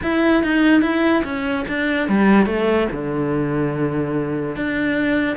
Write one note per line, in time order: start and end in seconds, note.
0.02 0.43 E4
0.43 0.81 D#4
0.81 1.23 E4
1.24 1.65 C#4
1.68 2.08 D4
2.08 2.46 G3
2.46 2.87 A3
2.91 4.56 D3
4.56 5.36 D4